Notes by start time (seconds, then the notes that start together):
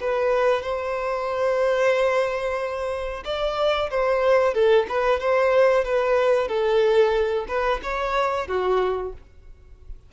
0.00 B4
0.63 C5
3.25 D5
3.90 C5
4.54 A4
4.89 B4
5.20 C5
5.85 B4
6.48 A4
7.48 B4
7.83 C#5
8.48 F#4